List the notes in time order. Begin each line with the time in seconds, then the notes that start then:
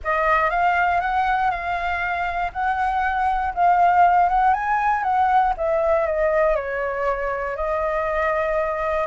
0.03 D#5
0.50 F5
1.00 F#5
1.50 F5
2.53 F#5
3.54 F5
4.29 F#5
4.53 G#5
5.03 F#5
5.57 E5
6.06 D#5
6.55 C#5
7.56 D#5